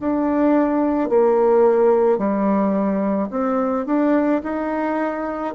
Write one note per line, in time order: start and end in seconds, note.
0.00 1.09 D4
1.09 2.18 A#3
2.18 3.29 G3
3.30 3.86 C4
3.86 4.41 D4
4.43 5.54 D#4